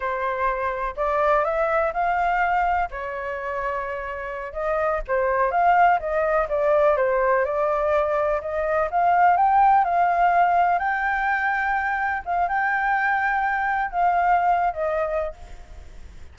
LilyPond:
\new Staff \with { instrumentName = "flute" } { \time 4/4 \tempo 4 = 125 c''2 d''4 e''4 | f''2 cis''2~ | cis''4. dis''4 c''4 f''8~ | f''8 dis''4 d''4 c''4 d''8~ |
d''4. dis''4 f''4 g''8~ | g''8 f''2 g''4.~ | g''4. f''8 g''2~ | g''4 f''4.~ f''16 dis''4~ dis''16 | }